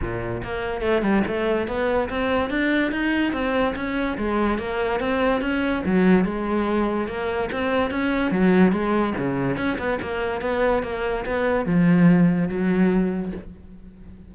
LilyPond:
\new Staff \with { instrumentName = "cello" } { \time 4/4 \tempo 4 = 144 ais,4 ais4 a8 g8 a4 | b4 c'4 d'4 dis'4 | c'4 cis'4 gis4 ais4 | c'4 cis'4 fis4 gis4~ |
gis4 ais4 c'4 cis'4 | fis4 gis4 cis4 cis'8 b8 | ais4 b4 ais4 b4 | f2 fis2 | }